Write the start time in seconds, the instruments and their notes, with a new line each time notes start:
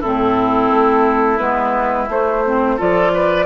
0.00 bassoon A2, clarinet C4, oboe E4, flute A4
0.70 bassoon A3
1.38 bassoon G#3, clarinet B3, flute B4
2.09 bassoon A3, clarinet A3, flute C5
2.46 clarinet C4
2.77 bassoon F3, clarinet F4, oboe A4, flute D5
3.14 oboe B4